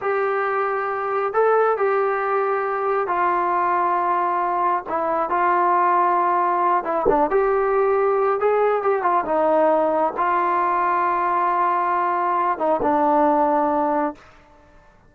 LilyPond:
\new Staff \with { instrumentName = "trombone" } { \time 4/4 \tempo 4 = 136 g'2. a'4 | g'2. f'4~ | f'2. e'4 | f'2.~ f'8 e'8 |
d'8 g'2~ g'8 gis'4 | g'8 f'8 dis'2 f'4~ | f'1~ | f'8 dis'8 d'2. | }